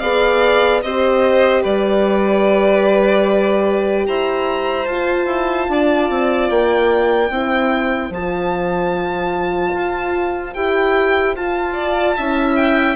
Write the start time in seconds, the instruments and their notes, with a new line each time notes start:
0.00 bassoon B3, horn G#4, violin D5 F5
0.82 bassoon C4, horn G4, violin C5 D#5
1.62 bassoon G3, violin B4 D5
4.07 bassoon E4, violin C5 A#5
4.86 bassoon F4, horn F4, violin A5
5.26 bassoon E4
5.69 bassoon D4, violin D5
6.10 bassoon C4
6.50 bassoon A#3, violin G5
7.30 bassoon C4, horn E4, violin C5
8.10 bassoon F3, horn F4, violin A5
9.74 bassoon F4
10.54 bassoon E4, horn G4, violin G5
11.35 horn F4, bassoon F4, violin A5
11.74 violin D5
12.17 bassoon C#4, horn E4, violin E5
12.56 violin G5